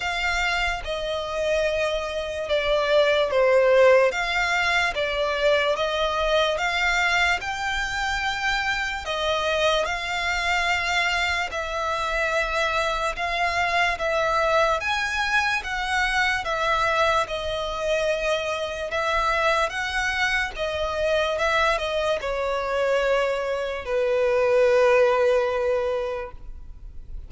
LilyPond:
\new Staff \with { instrumentName = "violin" } { \time 4/4 \tempo 4 = 73 f''4 dis''2 d''4 | c''4 f''4 d''4 dis''4 | f''4 g''2 dis''4 | f''2 e''2 |
f''4 e''4 gis''4 fis''4 | e''4 dis''2 e''4 | fis''4 dis''4 e''8 dis''8 cis''4~ | cis''4 b'2. | }